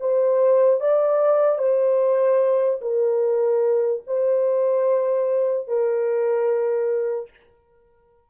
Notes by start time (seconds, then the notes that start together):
0.00 C5
0.80 D5
1.58 C5
2.81 A#4
4.07 C5
5.68 A#4